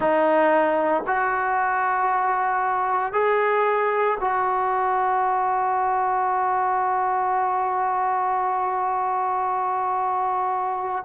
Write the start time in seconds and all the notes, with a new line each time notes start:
0.00 D#4
1.06 F#4
3.12 G#4
4.20 F#4